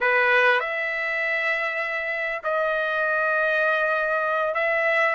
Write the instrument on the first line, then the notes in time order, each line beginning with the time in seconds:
trumpet
0.00 B4
0.60 E5
2.43 D#5
4.54 E5